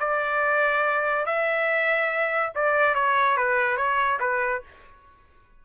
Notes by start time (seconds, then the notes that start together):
0.00 D5
1.26 E5
2.55 D5
2.95 C#5
3.37 B4
3.77 C#5
4.20 B4